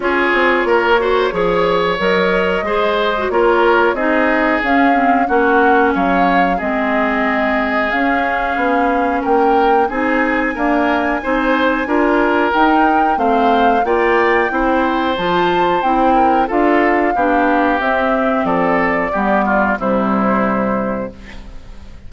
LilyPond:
<<
  \new Staff \with { instrumentName = "flute" } { \time 4/4 \tempo 4 = 91 cis''2. dis''4~ | dis''4 cis''4 dis''4 f''4 | fis''4 f''4 dis''2 | f''2 g''4 gis''4~ |
gis''2. g''4 | f''4 g''2 a''4 | g''4 f''2 e''4 | d''2 c''2 | }
  \new Staff \with { instrumentName = "oboe" } { \time 4/4 gis'4 ais'8 c''8 cis''2 | c''4 ais'4 gis'2 | fis'4 cis''4 gis'2~ | gis'2 ais'4 gis'4 |
ais'4 c''4 ais'2 | c''4 d''4 c''2~ | c''8 ais'8 a'4 g'2 | a'4 g'8 f'8 e'2 | }
  \new Staff \with { instrumentName = "clarinet" } { \time 4/4 f'4. fis'8 gis'4 ais'4 | gis'8. fis'16 f'4 dis'4 cis'8 c'8 | cis'2 c'2 | cis'2. dis'4 |
ais4 dis'4 f'4 dis'4 | c'4 f'4 e'4 f'4 | e'4 f'4 d'4 c'4~ | c'4 b4 g2 | }
  \new Staff \with { instrumentName = "bassoon" } { \time 4/4 cis'8 c'8 ais4 f4 fis4 | gis4 ais4 c'4 cis'4 | ais4 fis4 gis2 | cis'4 b4 ais4 c'4 |
d'4 c'4 d'4 dis'4 | a4 ais4 c'4 f4 | c'4 d'4 b4 c'4 | f4 g4 c2 | }
>>